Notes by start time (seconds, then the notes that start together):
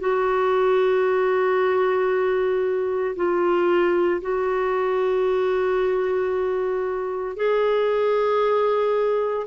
0.00 F#4
3.16 F4
4.22 F#4
7.36 G#4